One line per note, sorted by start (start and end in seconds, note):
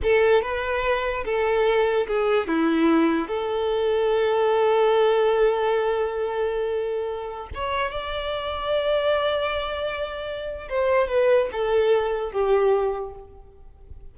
0.02 0.42 A4
0.42 1.24 B4
1.24 2.06 A4
2.07 2.47 G#4
2.47 3.27 E4
3.27 7.49 A4
7.54 7.91 C#5
7.91 10.68 D5
10.69 11.08 C5
11.08 11.49 B4
11.52 12.32 A4
12.32 13.14 G4